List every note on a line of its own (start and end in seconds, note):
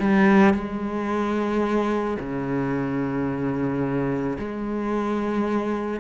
0.00 0.54 G3
0.54 2.18 G#3
2.20 4.38 C#3
4.39 6.01 G#3